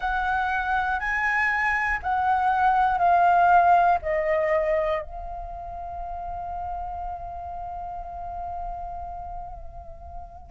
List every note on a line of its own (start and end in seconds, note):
0.00 0.99 F#5
0.99 1.99 G#5
2.03 2.98 F#5
2.98 3.98 F5
4.02 5.02 D#5
5.02 10.50 F5